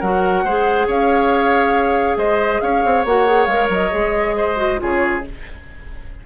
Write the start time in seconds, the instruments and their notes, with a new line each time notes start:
0.00 bassoon F#3, clarinet F#4, oboe A#4, flute F#5
0.44 bassoon G#3, clarinet G#4, oboe C5
0.87 bassoon C#4, oboe C#5, flute F5
2.17 bassoon G#3, oboe C5, flute D#5
2.61 bassoon C#4, oboe C#5, flute F5
2.85 bassoon C4
3.05 bassoon A#3, clarinet F#4, flute F#5
3.26 clarinet G#4
3.46 bassoon G#3, clarinet A#4, flute F5
3.69 bassoon F#3, flute D#5
3.91 bassoon G#3, clarinet G#4
4.37 oboe C5
4.56 clarinet F#4
4.78 bassoon C#3, clarinet F4, oboe G#4, flute C#5